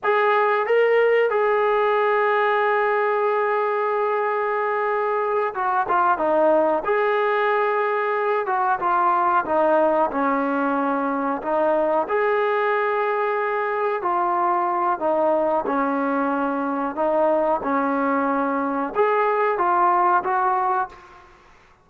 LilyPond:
\new Staff \with { instrumentName = "trombone" } { \time 4/4 \tempo 4 = 92 gis'4 ais'4 gis'2~ | gis'1~ | gis'8 fis'8 f'8 dis'4 gis'4.~ | gis'4 fis'8 f'4 dis'4 cis'8~ |
cis'4. dis'4 gis'4.~ | gis'4. f'4. dis'4 | cis'2 dis'4 cis'4~ | cis'4 gis'4 f'4 fis'4 | }